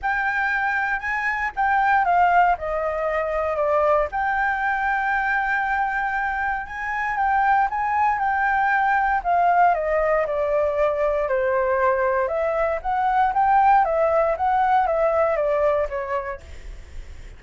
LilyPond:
\new Staff \with { instrumentName = "flute" } { \time 4/4 \tempo 4 = 117 g''2 gis''4 g''4 | f''4 dis''2 d''4 | g''1~ | g''4 gis''4 g''4 gis''4 |
g''2 f''4 dis''4 | d''2 c''2 | e''4 fis''4 g''4 e''4 | fis''4 e''4 d''4 cis''4 | }